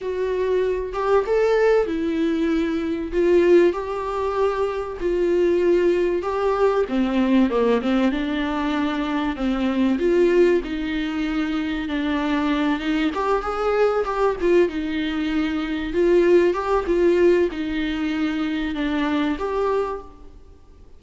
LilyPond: \new Staff \with { instrumentName = "viola" } { \time 4/4 \tempo 4 = 96 fis'4. g'8 a'4 e'4~ | e'4 f'4 g'2 | f'2 g'4 c'4 | ais8 c'8 d'2 c'4 |
f'4 dis'2 d'4~ | d'8 dis'8 g'8 gis'4 g'8 f'8 dis'8~ | dis'4. f'4 g'8 f'4 | dis'2 d'4 g'4 | }